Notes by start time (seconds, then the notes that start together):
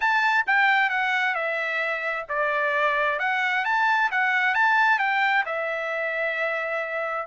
0.00 A5
0.46 G5
0.89 F#5
1.35 E5
2.28 D5
3.19 F#5
3.64 A5
4.11 F#5
4.54 A5
4.98 G5
5.45 E5